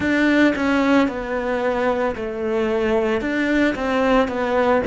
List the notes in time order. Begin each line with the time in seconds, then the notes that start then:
0.00 D4
0.55 C#4
1.08 B3
2.15 A3
3.21 D4
3.75 C4
4.28 B3